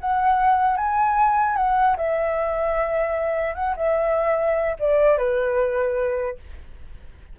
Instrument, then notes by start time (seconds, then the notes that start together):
flute
0.00 F#5
0.76 G#5
1.56 F#5
1.96 E5
3.54 F#5
3.76 E5
4.79 D5
5.17 B4